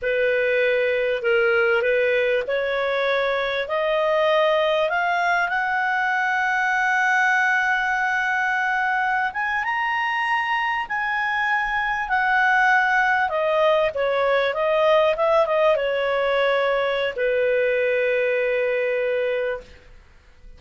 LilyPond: \new Staff \with { instrumentName = "clarinet" } { \time 4/4 \tempo 4 = 98 b'2 ais'4 b'4 | cis''2 dis''2 | f''4 fis''2.~ | fis''2.~ fis''16 gis''8 ais''16~ |
ais''4.~ ais''16 gis''2 fis''16~ | fis''4.~ fis''16 dis''4 cis''4 dis''16~ | dis''8. e''8 dis''8 cis''2~ cis''16 | b'1 | }